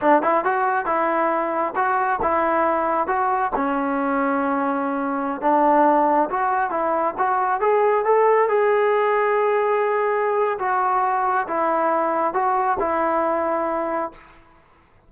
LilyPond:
\new Staff \with { instrumentName = "trombone" } { \time 4/4 \tempo 4 = 136 d'8 e'8 fis'4 e'2 | fis'4 e'2 fis'4 | cis'1~ | cis'16 d'2 fis'4 e'8.~ |
e'16 fis'4 gis'4 a'4 gis'8.~ | gis'1 | fis'2 e'2 | fis'4 e'2. | }